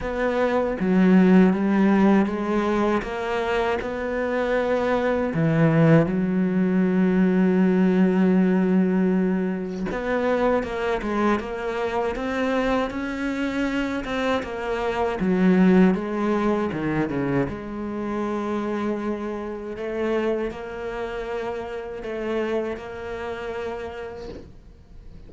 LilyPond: \new Staff \with { instrumentName = "cello" } { \time 4/4 \tempo 4 = 79 b4 fis4 g4 gis4 | ais4 b2 e4 | fis1~ | fis4 b4 ais8 gis8 ais4 |
c'4 cis'4. c'8 ais4 | fis4 gis4 dis8 cis8 gis4~ | gis2 a4 ais4~ | ais4 a4 ais2 | }